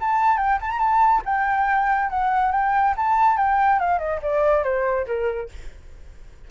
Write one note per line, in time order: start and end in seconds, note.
0.00 0.37 A5
0.37 0.58 G5
0.61 0.70 A5
0.70 0.79 A#5
0.79 1.21 A5
1.25 2.09 G5
2.09 2.52 F#5
2.52 2.94 G5
2.96 3.37 A5
3.37 3.79 G5
3.79 3.98 F5
3.98 4.20 D#5
4.22 4.63 D5
4.63 5.06 C5
5.06 5.49 A#4